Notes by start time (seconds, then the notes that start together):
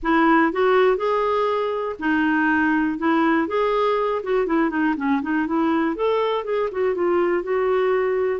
0.02 E4
0.52 F#4
0.96 G#4
1.99 D#4
2.98 E4
3.47 G#4
4.23 F#4
4.46 E4
4.69 D#4
4.96 C#4
5.22 D#4
5.46 E4
5.95 A4
6.44 G#4
6.71 F#4
6.94 F4
7.43 F#4